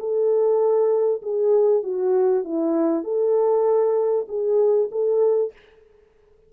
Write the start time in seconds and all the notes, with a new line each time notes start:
0.00 A4
1.23 G#4
1.83 F#4
2.45 E4
3.04 A4
4.29 G#4
4.92 A4